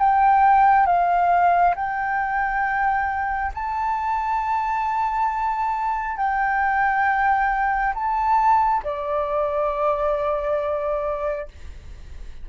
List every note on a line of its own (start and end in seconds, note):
0.00 0.87 G5
0.87 1.75 F5
1.76 3.53 G5
3.55 6.18 A5
6.18 7.94 G5
7.95 8.84 A5
8.84 11.49 D5